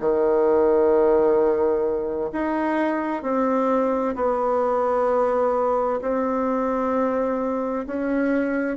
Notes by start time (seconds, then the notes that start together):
0.00 D#3
2.32 D#4
3.23 C4
4.16 B3
6.01 C4
7.87 C#4